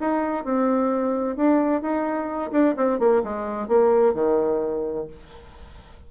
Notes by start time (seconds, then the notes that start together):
0.00 D#4
0.44 C4
1.36 D4
1.81 D#4
2.51 D4
2.77 C4
2.99 A#3
3.23 G#3
3.68 A#3
4.14 D#3